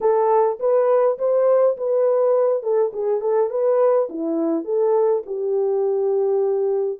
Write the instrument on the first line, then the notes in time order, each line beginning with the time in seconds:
horn
0.00 A4
0.59 B4
1.18 C5
1.77 B4
2.62 A4
2.93 G#4
3.20 A4
3.50 B4
4.09 E4
4.64 A4
5.26 G4